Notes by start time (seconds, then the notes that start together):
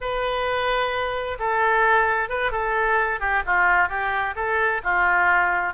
0.00 B4
1.39 A4
2.29 B4
2.51 A4
3.19 G4
3.46 F4
3.88 G4
4.35 A4
4.83 F4